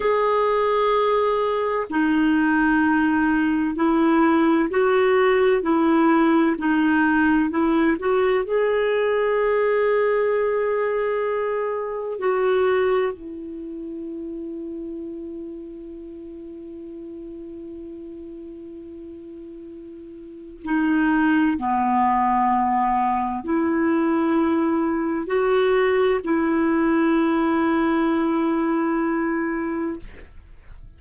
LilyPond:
\new Staff \with { instrumentName = "clarinet" } { \time 4/4 \tempo 4 = 64 gis'2 dis'2 | e'4 fis'4 e'4 dis'4 | e'8 fis'8 gis'2.~ | gis'4 fis'4 e'2~ |
e'1~ | e'2 dis'4 b4~ | b4 e'2 fis'4 | e'1 | }